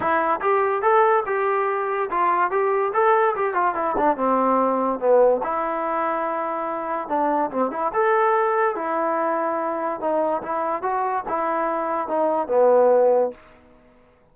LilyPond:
\new Staff \with { instrumentName = "trombone" } { \time 4/4 \tempo 4 = 144 e'4 g'4 a'4 g'4~ | g'4 f'4 g'4 a'4 | g'8 f'8 e'8 d'8 c'2 | b4 e'2.~ |
e'4 d'4 c'8 e'8 a'4~ | a'4 e'2. | dis'4 e'4 fis'4 e'4~ | e'4 dis'4 b2 | }